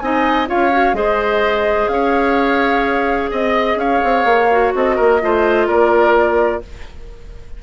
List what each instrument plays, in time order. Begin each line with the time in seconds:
0.00 bassoon C4, clarinet D#4, oboe D#5, flute G#5
0.47 bassoon C#4, clarinet F4, oboe C#5, flute F5
0.72 clarinet F#4
0.94 bassoon G#3, clarinet G#4, oboe C5, flute D#5
1.88 bassoon C#4, oboe C#5, flute F5
3.31 bassoon C4, oboe D#5, flute D#5
3.76 bassoon C#4, oboe C#5, flute F5
4.04 bassoon C4
4.25 bassoon A#3
4.51 clarinet F#4
4.75 bassoon C4, oboe A4, flute D#5
4.96 bassoon A#3, oboe A#4
5.21 bassoon A3, clarinet F4, oboe C5
5.67 bassoon A#3, oboe A#4, flute D5